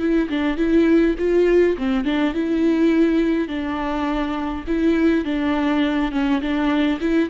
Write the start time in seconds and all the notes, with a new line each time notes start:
0.00 E4
0.29 D4
0.58 E4
1.19 F4
1.78 C4
2.05 D4
2.35 E4
3.48 D4
4.68 E4
5.25 D4
6.12 C#4
6.42 D4
7.01 E4